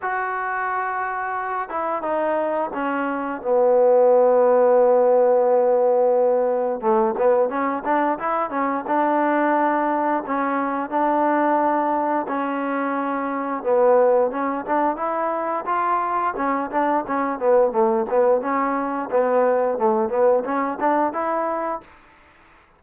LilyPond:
\new Staff \with { instrumentName = "trombone" } { \time 4/4 \tempo 4 = 88 fis'2~ fis'8 e'8 dis'4 | cis'4 b2.~ | b2 a8 b8 cis'8 d'8 | e'8 cis'8 d'2 cis'4 |
d'2 cis'2 | b4 cis'8 d'8 e'4 f'4 | cis'8 d'8 cis'8 b8 a8 b8 cis'4 | b4 a8 b8 cis'8 d'8 e'4 | }